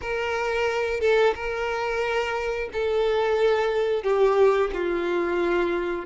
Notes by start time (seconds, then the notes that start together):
0.01 A#4
1.00 A4
1.35 A#4
2.72 A4
4.03 G4
4.73 F4